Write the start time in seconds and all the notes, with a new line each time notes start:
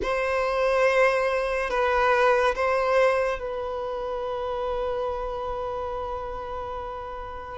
0.02 C5
1.70 B4
2.55 C5
3.39 B4